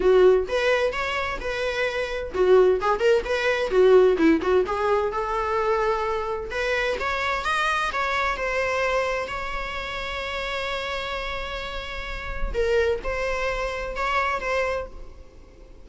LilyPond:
\new Staff \with { instrumentName = "viola" } { \time 4/4 \tempo 4 = 129 fis'4 b'4 cis''4 b'4~ | b'4 fis'4 gis'8 ais'8 b'4 | fis'4 e'8 fis'8 gis'4 a'4~ | a'2 b'4 cis''4 |
dis''4 cis''4 c''2 | cis''1~ | cis''2. ais'4 | c''2 cis''4 c''4 | }